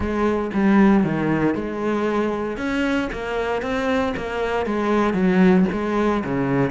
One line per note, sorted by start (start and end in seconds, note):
0.00 0.50 G#3
0.53 1.04 G3
1.04 1.54 D#3
1.54 2.57 G#3
2.57 3.09 C#4
3.12 3.62 A#3
3.62 4.13 C4
4.17 4.66 A#3
4.66 5.13 G#3
5.13 5.65 F#3
5.72 6.23 G#3
6.24 6.70 C#3